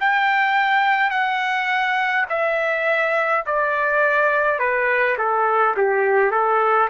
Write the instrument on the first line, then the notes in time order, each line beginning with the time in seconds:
trumpet
0.00 G5
1.10 F#5
2.29 E5
3.46 D5
4.59 B4
5.18 A4
5.77 G4
6.31 A4